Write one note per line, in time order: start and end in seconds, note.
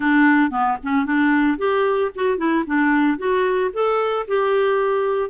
0.00 0.50 D4
0.50 0.77 B3
0.83 1.05 C#4
1.05 1.58 D4
1.58 2.11 G4
2.15 2.37 F#4
2.37 2.64 E4
2.66 3.17 D4
3.17 3.70 F#4
3.73 4.26 A4
4.27 5.30 G4